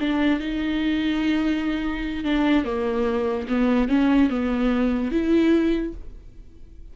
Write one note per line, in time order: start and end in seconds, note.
0.00 0.40 D4
0.40 2.24 D#4
2.24 2.65 D4
2.65 3.47 A#3
3.48 3.89 B3
3.89 4.30 C#4
4.30 5.11 B3
5.11 5.93 E4